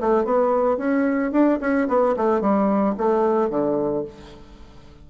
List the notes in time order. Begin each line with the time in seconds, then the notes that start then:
0.00 A3
0.24 B3
0.77 C#4
1.32 D4
1.60 C#4
1.88 B3
2.16 A3
2.41 G3
2.97 A3
3.50 D3